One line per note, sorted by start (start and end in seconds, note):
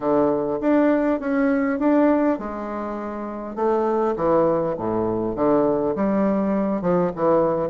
0.00 0.59 D3
0.60 1.20 D4
1.20 1.79 C#4
1.79 2.38 D4
2.38 3.55 G#3
3.55 4.14 A3
4.16 4.75 E3
4.77 5.35 A2
5.35 5.95 D3
5.95 6.81 G3
6.81 7.11 F3
7.15 7.69 E3